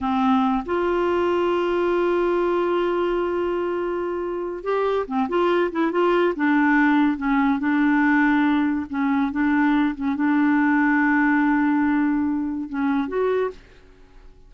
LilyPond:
\new Staff \with { instrumentName = "clarinet" } { \time 4/4 \tempo 4 = 142 c'4. f'2~ f'8~ | f'1~ | f'2. g'4 | c'8 f'4 e'8 f'4 d'4~ |
d'4 cis'4 d'2~ | d'4 cis'4 d'4. cis'8 | d'1~ | d'2 cis'4 fis'4 | }